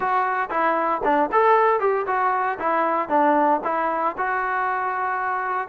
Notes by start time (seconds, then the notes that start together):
0.00 F#4
0.49 E4
1.03 D4
1.32 A4
1.80 G4
2.06 F#4
2.59 E4
3.08 D4
3.64 E4
4.17 F#4